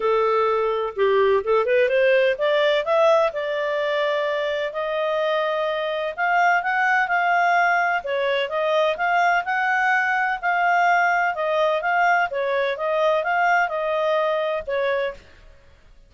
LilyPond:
\new Staff \with { instrumentName = "clarinet" } { \time 4/4 \tempo 4 = 127 a'2 g'4 a'8 b'8 | c''4 d''4 e''4 d''4~ | d''2 dis''2~ | dis''4 f''4 fis''4 f''4~ |
f''4 cis''4 dis''4 f''4 | fis''2 f''2 | dis''4 f''4 cis''4 dis''4 | f''4 dis''2 cis''4 | }